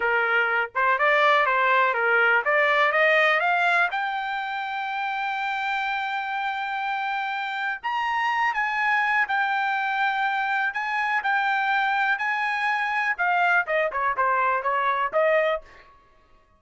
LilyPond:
\new Staff \with { instrumentName = "trumpet" } { \time 4/4 \tempo 4 = 123 ais'4. c''8 d''4 c''4 | ais'4 d''4 dis''4 f''4 | g''1~ | g''1 |
ais''4. gis''4. g''4~ | g''2 gis''4 g''4~ | g''4 gis''2 f''4 | dis''8 cis''8 c''4 cis''4 dis''4 | }